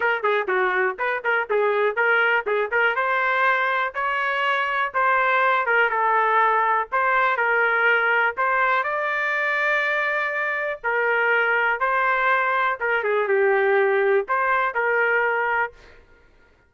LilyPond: \new Staff \with { instrumentName = "trumpet" } { \time 4/4 \tempo 4 = 122 ais'8 gis'8 fis'4 b'8 ais'8 gis'4 | ais'4 gis'8 ais'8 c''2 | cis''2 c''4. ais'8 | a'2 c''4 ais'4~ |
ais'4 c''4 d''2~ | d''2 ais'2 | c''2 ais'8 gis'8 g'4~ | g'4 c''4 ais'2 | }